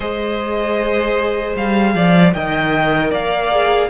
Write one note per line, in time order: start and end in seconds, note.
0.00 1.55 G#3
0.00 2.31 G#4
0.00 1.94 C5
0.00 1.56 D#5
1.56 1.94 G3
1.56 2.33 F5
1.94 2.33 F3
1.94 2.34 D5
2.33 3.11 D#3
2.33 3.51 A#4
2.33 3.10 D#5
2.33 3.11 G5
3.10 3.89 A#3
3.10 3.88 D5
3.10 3.90 F5
3.51 3.90 G#4